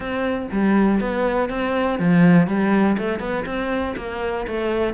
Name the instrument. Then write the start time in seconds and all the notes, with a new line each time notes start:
cello
0.00 C4
0.51 G3
1.00 B3
1.49 C4
1.99 F3
2.47 G3
2.98 A3
3.19 B3
3.45 C4
3.97 A#3
4.47 A3